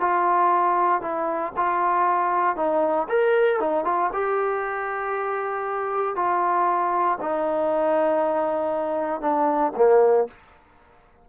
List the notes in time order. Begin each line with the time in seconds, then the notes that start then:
0.00 F4
1.01 E4
1.56 F4
2.56 D#4
3.09 A#4
3.60 D#4
3.84 F4
4.13 G4
6.15 F4
7.20 D#4
9.21 D4
9.76 A#3